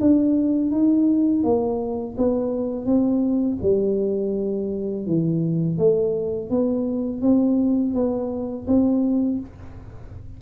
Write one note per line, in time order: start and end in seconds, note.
0.00 0.71 D4
0.71 1.43 D#4
1.43 2.16 A#3
2.17 2.86 B3
2.86 3.58 C4
3.62 5.06 G3
5.06 5.78 E3
5.78 6.50 A3
6.50 7.22 B3
7.22 7.94 C4
7.94 8.66 B3
8.67 9.39 C4